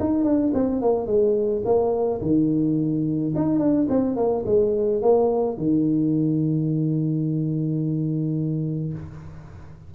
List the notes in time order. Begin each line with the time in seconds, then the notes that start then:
0.00 D#4
0.24 D4
0.54 C4
0.82 A#3
1.07 G#3
1.65 A#3
2.22 D#3
3.36 D#4
3.59 D4
3.89 C4
4.16 A#3
4.46 G#3
5.02 A#3
5.58 D#3